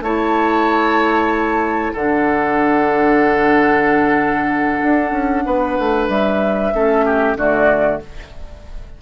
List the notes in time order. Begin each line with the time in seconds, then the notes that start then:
0.00 A3 E4 C#5 A5
1.92 D3 D4 A4 F#5
4.82 D4
5.11 C#4
5.45 B3 B4
5.78 A3
6.08 G3 E5
6.73 A3 C#4 A4
7.05 G4
7.35 D3 A3 F#4 D5